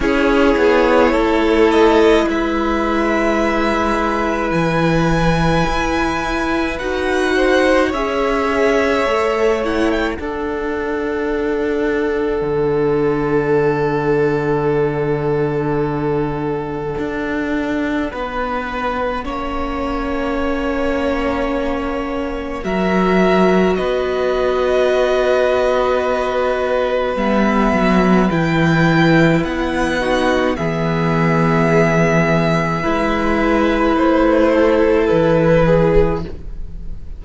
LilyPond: <<
  \new Staff \with { instrumentName = "violin" } { \time 4/4 \tempo 4 = 53 cis''4. dis''8 e''2 | gis''2 fis''4 e''4~ | e''8 fis''16 g''16 fis''2.~ | fis''1~ |
fis''1 | e''4 dis''2. | e''4 g''4 fis''4 e''4~ | e''2 c''4 b'4 | }
  \new Staff \with { instrumentName = "violin" } { \time 4/4 gis'4 a'4 b'2~ | b'2~ b'8 c''8 cis''4~ | cis''4 a'2.~ | a'1 |
b'4 cis''2. | ais'4 b'2.~ | b'2~ b'8 fis'8 gis'4~ | gis'4 b'4. a'4 gis'8 | }
  \new Staff \with { instrumentName = "viola" } { \time 4/4 e'1~ | e'2 fis'4 gis'4 | a'8 e'8 d'2.~ | d'1~ |
d'4 cis'2. | fis'1 | b4 e'4. dis'8 b4~ | b4 e'2. | }
  \new Staff \with { instrumentName = "cello" } { \time 4/4 cis'8 b8 a4 gis2 | e4 e'4 dis'4 cis'4 | a4 d'2 d4~ | d2. d'4 |
b4 ais2. | fis4 b2. | g8 fis8 e4 b4 e4~ | e4 gis4 a4 e4 | }
>>